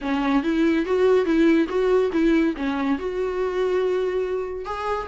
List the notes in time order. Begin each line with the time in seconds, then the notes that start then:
0.01 C#4
0.43 E4
0.85 F#4
1.25 E4
1.68 F#4
2.12 E4
2.56 C#4
2.98 F#4
4.65 G#4